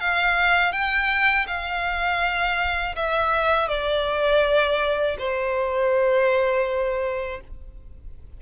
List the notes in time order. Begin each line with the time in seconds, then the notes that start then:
0.00 F5
0.72 G5
1.47 F5
2.96 E5
3.68 D5
5.19 C5